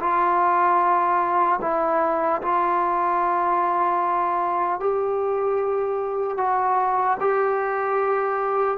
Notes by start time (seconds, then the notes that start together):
0.00 F4
1.62 E4
2.42 F4
4.80 G4
6.38 F#4
7.20 G4